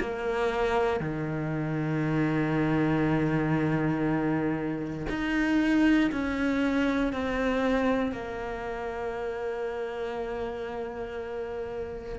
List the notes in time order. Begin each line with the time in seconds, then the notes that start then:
0.00 A#3
1.00 D#3
5.09 D#4
6.12 C#4
7.13 C4
8.12 A#3